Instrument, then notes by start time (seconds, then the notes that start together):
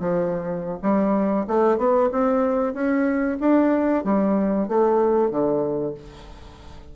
bassoon
0.00 F3
0.82 G3
1.47 A3
1.78 B3
2.12 C4
2.74 C#4
3.41 D4
4.04 G3
4.69 A3
5.31 D3